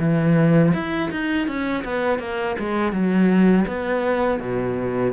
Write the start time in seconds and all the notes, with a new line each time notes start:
0.00 E3
0.74 E4
1.11 D#4
1.48 C#4
1.85 B3
2.20 A#3
2.60 G#3
2.93 F#3
3.68 B3
4.40 B2